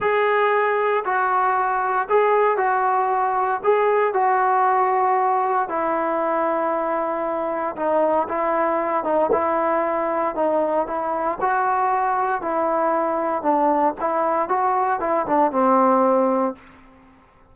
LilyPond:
\new Staff \with { instrumentName = "trombone" } { \time 4/4 \tempo 4 = 116 gis'2 fis'2 | gis'4 fis'2 gis'4 | fis'2. e'4~ | e'2. dis'4 |
e'4. dis'8 e'2 | dis'4 e'4 fis'2 | e'2 d'4 e'4 | fis'4 e'8 d'8 c'2 | }